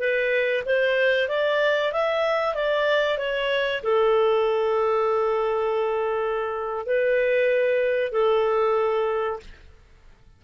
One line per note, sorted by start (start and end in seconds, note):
0.00 0.64 B4
0.66 1.29 C5
1.29 1.93 D5
1.93 2.55 E5
2.55 3.19 D5
3.19 3.82 C#5
3.83 6.86 A4
6.86 8.13 B4
8.13 9.40 A4